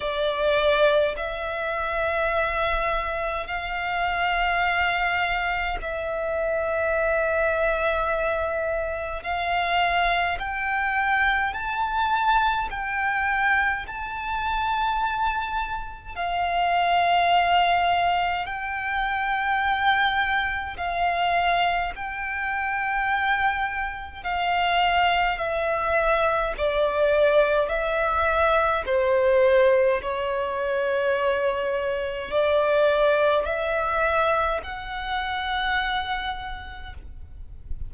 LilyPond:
\new Staff \with { instrumentName = "violin" } { \time 4/4 \tempo 4 = 52 d''4 e''2 f''4~ | f''4 e''2. | f''4 g''4 a''4 g''4 | a''2 f''2 |
g''2 f''4 g''4~ | g''4 f''4 e''4 d''4 | e''4 c''4 cis''2 | d''4 e''4 fis''2 | }